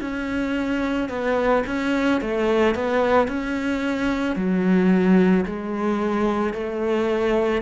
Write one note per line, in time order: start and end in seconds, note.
0.00 1.09 C#4
1.09 1.63 B3
1.66 2.21 C#4
2.21 2.75 A3
2.75 3.27 B3
3.27 4.35 C#4
4.35 5.44 F#3
5.45 6.53 G#3
6.53 7.61 A3